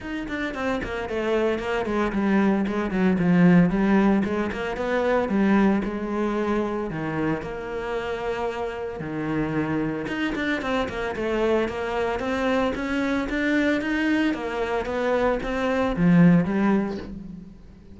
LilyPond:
\new Staff \with { instrumentName = "cello" } { \time 4/4 \tempo 4 = 113 dis'8 d'8 c'8 ais8 a4 ais8 gis8 | g4 gis8 fis8 f4 g4 | gis8 ais8 b4 g4 gis4~ | gis4 dis4 ais2~ |
ais4 dis2 dis'8 d'8 | c'8 ais8 a4 ais4 c'4 | cis'4 d'4 dis'4 ais4 | b4 c'4 f4 g4 | }